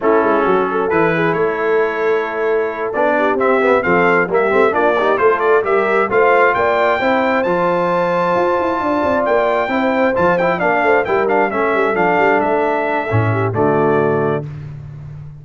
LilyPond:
<<
  \new Staff \with { instrumentName = "trumpet" } { \time 4/4 \tempo 4 = 133 a'2 b'4 cis''4~ | cis''2~ cis''8 d''4 e''8~ | e''8 f''4 e''4 d''4 c''8 | d''8 e''4 f''4 g''4.~ |
g''8 a''2.~ a''8~ | a''8 g''2 a''8 g''8 f''8~ | f''8 g''8 f''8 e''4 f''4 e''8~ | e''2 d''2 | }
  \new Staff \with { instrumentName = "horn" } { \time 4/4 e'4 fis'8 a'4 gis'8 a'4~ | a'2. g'4~ | g'8 a'4 g'4 f'8 g'8 a'8~ | a'8 ais'4 c''4 d''4 c''8~ |
c''2.~ c''8 d''8~ | d''4. c''2 d''8 | c''8 ais'4 a'2~ a'8~ | a'4. g'8 fis'2 | }
  \new Staff \with { instrumentName = "trombone" } { \time 4/4 cis'2 e'2~ | e'2~ e'8 d'4 c'8 | b8 c'4 ais8 c'8 d'8 dis'8 f'8~ | f'8 g'4 f'2 e'8~ |
e'8 f'2.~ f'8~ | f'4. e'4 f'8 e'8 d'8~ | d'8 e'8 d'8 cis'4 d'4.~ | d'4 cis'4 a2 | }
  \new Staff \with { instrumentName = "tuba" } { \time 4/4 a8 gis8 fis4 e4 a4~ | a2~ a8 b4 c'8~ | c'8 f4 g8 a8 ais4 a8~ | a8 g4 a4 ais4 c'8~ |
c'8 f2 f'8 e'8 d'8 | c'8 ais4 c'4 f4 ais8 | a8 g4 a8 g8 f8 g8 a8~ | a4 a,4 d2 | }
>>